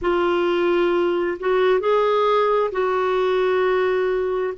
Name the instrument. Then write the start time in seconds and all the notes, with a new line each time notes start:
clarinet
0.01 F4
1.39 F#4
1.79 G#4
2.71 F#4